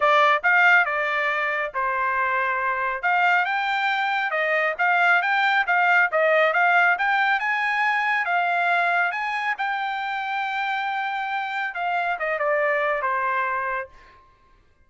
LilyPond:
\new Staff \with { instrumentName = "trumpet" } { \time 4/4 \tempo 4 = 138 d''4 f''4 d''2 | c''2. f''4 | g''2 dis''4 f''4 | g''4 f''4 dis''4 f''4 |
g''4 gis''2 f''4~ | f''4 gis''4 g''2~ | g''2. f''4 | dis''8 d''4. c''2 | }